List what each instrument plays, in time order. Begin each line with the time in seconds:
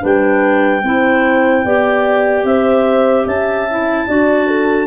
0.00 tuba G3, clarinet D4 G5, horn B4
0.83 tuba C4, clarinet E4, horn C5
1.65 tuba B3, clarinet G4, horn D5
2.44 tuba C4, horn C5, clarinet E5
3.25 tuba C#4, horn E5, clarinet A5
3.70 clarinet E4
4.07 tuba D4, clarinet F#4, horn D5
4.47 horn A4